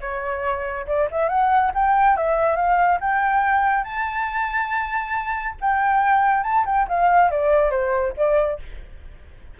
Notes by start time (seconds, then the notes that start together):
0.00 C#5
0.86 D5
1.11 E5
1.28 F#5
1.74 G5
2.16 E5
2.56 F5
3.00 G5
3.84 A5
5.60 G5
6.43 A5
6.65 G5
6.88 F5
7.31 D5
7.70 C5
8.17 D5